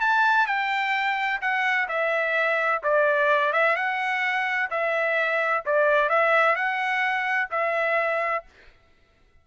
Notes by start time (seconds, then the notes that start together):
0.00 A5
0.46 G5
1.41 F#5
1.88 E5
2.83 D5
3.53 E5
3.75 F#5
4.70 E5
5.65 D5
6.09 E5
6.55 F#5
7.50 E5